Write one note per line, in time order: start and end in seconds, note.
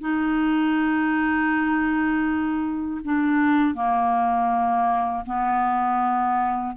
0.00 3.00 D#4
3.04 3.74 D4
3.74 5.24 A#3
5.25 6.75 B3